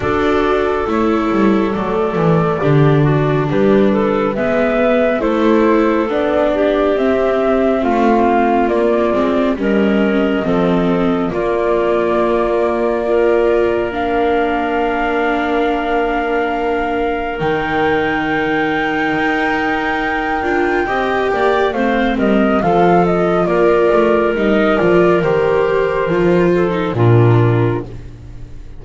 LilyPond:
<<
  \new Staff \with { instrumentName = "flute" } { \time 4/4 \tempo 4 = 69 d''4 cis''4 d''2 | b'4 e''4 c''4 d''4 | e''4 f''4 d''4 dis''4~ | dis''4 d''2. |
f''1 | g''1~ | g''4 f''8 dis''8 f''8 dis''8 d''4 | dis''8 d''8 c''2 ais'4 | }
  \new Staff \with { instrumentName = "clarinet" } { \time 4/4 a'2. g'8 fis'8 | g'8 a'8 b'4 a'4. g'8~ | g'4 f'2 ais'4 | a'4 f'2 ais'4~ |
ais'1~ | ais'1 | dis''8 d''8 c''8 ais'8 a'4 ais'4~ | ais'2~ ais'8 a'8 f'4 | }
  \new Staff \with { instrumentName = "viola" } { \time 4/4 fis'4 e'4 a4 d'4~ | d'4 b4 e'4 d'4 | c'2 ais8 c'8 cis'4 | c'4 ais2 f'4 |
d'1 | dis'2.~ dis'8 f'8 | g'4 c'4 f'2 | dis'8 f'8 g'4 f'8. dis'16 d'4 | }
  \new Staff \with { instrumentName = "double bass" } { \time 4/4 d'4 a8 g8 fis8 e8 d4 | g4 gis4 a4 b4 | c'4 a4 ais8 gis8 g4 | f4 ais2.~ |
ais1 | dis2 dis'4. d'8 | c'8 ais8 a8 g8 f4 ais8 a8 | g8 f8 dis4 f4 ais,4 | }
>>